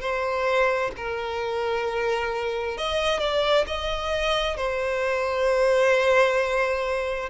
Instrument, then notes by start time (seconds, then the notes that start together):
violin
0.00 C5
0.96 A#4
2.77 D#5
3.19 D5
3.67 D#5
4.57 C5